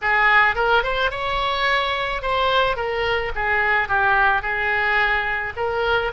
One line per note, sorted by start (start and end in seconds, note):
0.02 0.55 G#4
0.55 0.83 A#4
0.83 1.10 C5
1.10 2.21 C#5
2.21 2.76 C5
2.76 3.32 A#4
3.35 3.88 G#4
3.88 4.42 G4
4.42 5.53 G#4
5.56 6.12 A#4